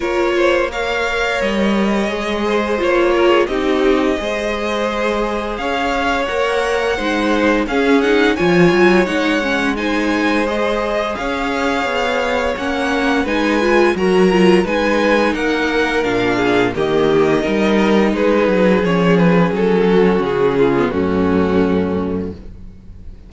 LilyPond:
<<
  \new Staff \with { instrumentName = "violin" } { \time 4/4 \tempo 4 = 86 cis''4 f''4 dis''2 | cis''4 dis''2. | f''4 fis''2 f''8 fis''8 | gis''4 fis''4 gis''4 dis''4 |
f''2 fis''4 gis''4 | ais''4 gis''4 fis''4 f''4 | dis''2 b'4 cis''8 b'8 | a'4 gis'4 fis'2 | }
  \new Staff \with { instrumentName = "violin" } { \time 4/4 ais'8 c''8 cis''2~ cis''8 c''8~ | c''8 ais'16 gis'16 g'4 c''2 | cis''2 c''4 gis'4 | cis''2 c''2 |
cis''2. b'4 | ais'4 b'4 ais'4. gis'8 | g'4 ais'4 gis'2~ | gis'8 fis'4 f'8 cis'2 | }
  \new Staff \with { instrumentName = "viola" } { \time 4/4 f'4 ais'2 gis'4 | f'4 dis'4 gis'2~ | gis'4 ais'4 dis'4 cis'8 dis'8 | f'4 dis'8 cis'8 dis'4 gis'4~ |
gis'2 cis'4 dis'8 f'8 | fis'8 f'8 dis'2 d'4 | ais4 dis'2 cis'4~ | cis'4.~ cis'16 b16 a2 | }
  \new Staff \with { instrumentName = "cello" } { \time 4/4 ais2 g4 gis4 | ais4 c'4 gis2 | cis'4 ais4 gis4 cis'4 | f8 fis8 gis2. |
cis'4 b4 ais4 gis4 | fis4 gis4 ais4 ais,4 | dis4 g4 gis8 fis8 f4 | fis4 cis4 fis,2 | }
>>